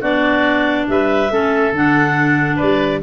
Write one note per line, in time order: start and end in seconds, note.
0.00 0.87 B3
0.00 1.29 D4
0.00 0.86 F#4
0.00 0.88 D5
0.88 1.30 G3
0.88 1.32 B4
0.88 1.74 E5
1.30 1.72 A3
1.30 1.73 C#4
1.30 2.55 A4
1.72 2.57 D3
1.72 3.02 D4
1.72 2.58 F#5
2.55 2.98 B4
2.55 3.00 D5
2.62 3.02 G3